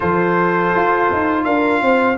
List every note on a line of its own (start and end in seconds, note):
0.00 0.75 F3
0.00 2.17 F4
0.00 1.44 A4
0.00 1.43 C5
0.75 1.11 F4
1.11 1.45 D#4
1.44 1.81 D4
1.44 1.82 A#4
1.44 2.17 F5
1.81 2.18 C4
1.81 2.18 C5